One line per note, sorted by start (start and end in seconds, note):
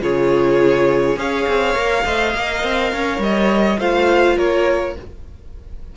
0.00 1.16 C#3
0.00 1.17 F4
0.00 1.18 G#4
0.00 1.18 C#5
1.16 1.45 C#4
1.16 1.74 G#4
1.16 2.05 C#5
1.16 3.22 F5
1.48 1.75 C4
1.74 2.04 A#3
1.74 2.04 A#4
2.04 2.34 A3
2.04 2.34 C5
2.04 2.92 D#5
2.34 2.63 A#3
2.34 3.79 A#4
2.63 2.92 C4
2.92 3.18 C#4
2.92 3.79 C#5
3.18 3.76 G3
3.18 3.80 D#5
3.78 4.37 A3
3.78 4.95 F4
3.78 4.36 C5
3.78 4.38 F5
4.36 4.96 A#3
4.36 4.94 A#4
4.36 4.96 C#5